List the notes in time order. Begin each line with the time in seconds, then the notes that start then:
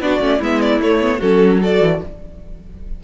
0.00 B3 D4 F#4 D5
0.20 A3 C#4
0.39 G#3 B3 E4 E5
0.61 D5
0.81 A3 C#5
1.01 B3
1.19 F#3 C#4 F#4 A4
1.61 F#4 A4 D5
1.81 E3